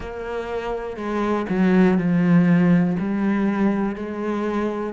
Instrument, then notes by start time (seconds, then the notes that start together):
cello
0.00 A#3
0.97 G#3
1.49 F#3
1.98 F3
2.99 G3
3.95 G#3